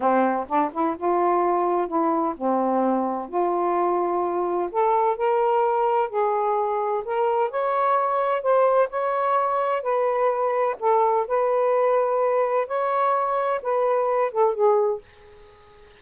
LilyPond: \new Staff \with { instrumentName = "saxophone" } { \time 4/4 \tempo 4 = 128 c'4 d'8 e'8 f'2 | e'4 c'2 f'4~ | f'2 a'4 ais'4~ | ais'4 gis'2 ais'4 |
cis''2 c''4 cis''4~ | cis''4 b'2 a'4 | b'2. cis''4~ | cis''4 b'4. a'8 gis'4 | }